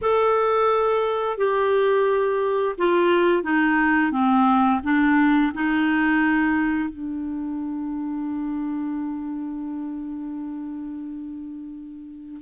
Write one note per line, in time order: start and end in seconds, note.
0.01 1.37 A4
1.37 2.75 G4
2.78 3.43 F4
3.43 4.11 D#4
4.11 4.80 C4
4.83 5.52 D4
5.54 6.89 D#4
6.89 12.40 D4